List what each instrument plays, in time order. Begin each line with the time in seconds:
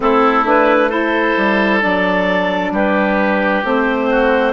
0.00 bassoon A3, saxophone C4, oboe E4, clarinet A4
0.44 saxophone D4, clarinet B4
0.89 saxophone E4, oboe A4, clarinet C5
1.36 bassoon G3
1.80 bassoon F#3, saxophone D4, clarinet D5
2.71 bassoon G3, oboe G4, clarinet B4
3.63 bassoon A3, saxophone C4, clarinet C5
4.10 oboe F#4